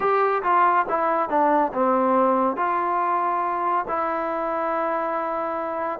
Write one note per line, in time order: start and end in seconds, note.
0.00 0.42 G4
0.42 0.85 F4
0.88 1.29 E4
1.29 1.72 D4
1.73 2.56 C4
2.56 3.85 F4
3.88 5.99 E4